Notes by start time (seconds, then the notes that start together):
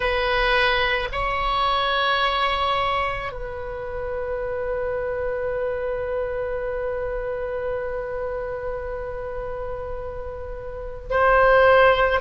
0.00 B4
1.12 C#5
3.31 B4
11.10 C5